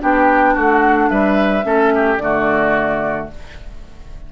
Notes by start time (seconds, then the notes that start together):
0.00 B3 D4 G4 G5
0.55 A3 F#4 F#5
1.09 G3 B4 E5
1.63 A3 C#4 A4
1.95 G4
2.17 D3 A3 F#4 D5